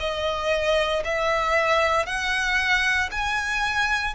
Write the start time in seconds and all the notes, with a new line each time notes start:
0.00 D#5
1.04 E5
2.06 F#5
3.12 G#5